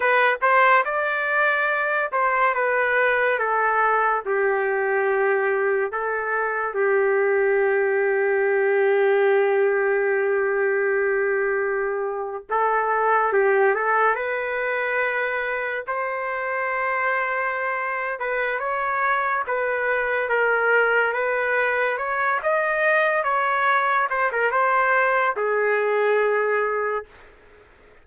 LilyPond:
\new Staff \with { instrumentName = "trumpet" } { \time 4/4 \tempo 4 = 71 b'8 c''8 d''4. c''8 b'4 | a'4 g'2 a'4 | g'1~ | g'2~ g'8. a'4 g'16~ |
g'16 a'8 b'2 c''4~ c''16~ | c''4. b'8 cis''4 b'4 | ais'4 b'4 cis''8 dis''4 cis''8~ | cis''8 c''16 ais'16 c''4 gis'2 | }